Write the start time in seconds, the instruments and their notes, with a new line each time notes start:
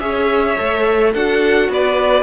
0.00 cello C#4, viola G#4, violin C#5 E5
0.57 cello A3, viola A4
1.13 cello D4, viola F#4, violin A4 F#5
1.69 cello B3, violin B4 D5